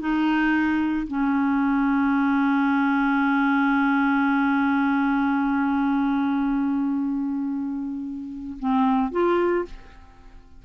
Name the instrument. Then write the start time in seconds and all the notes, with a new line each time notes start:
clarinet
0.00 D#4
1.08 C#4
8.60 C4
9.12 F4